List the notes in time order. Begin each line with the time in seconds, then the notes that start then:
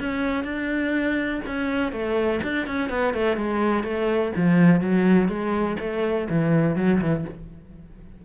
0.00 C#4
0.44 D4
1.47 C#4
1.92 A3
2.44 D4
2.67 C#4
2.90 B3
3.14 A3
3.37 G#3
3.84 A3
4.36 F3
4.81 F#3
5.29 G#3
5.80 A3
6.30 E3
6.77 F#3
7.01 E3